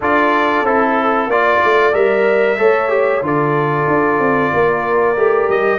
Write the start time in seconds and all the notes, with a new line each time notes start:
0.00 D4 F4 A4 D5
0.62 C4 E4 A4
1.26 A#3 F4 D5
1.64 A3
1.92 G3 A#4 E5
2.57 A3 A4 C#5
2.88 G4
3.22 D3 F4 A4 D5
3.87 D4
4.19 C4
4.53 A#3 A#4
5.15 A3 G4
5.48 G3 D#5